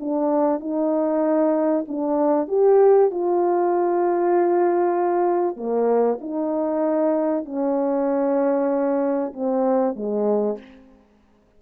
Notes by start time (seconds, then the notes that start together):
0.00 D4
0.60 D#4
1.88 D4
2.48 G4
3.11 F4
5.56 A#3
6.21 D#4
7.45 C#4
9.33 C4
9.95 G#3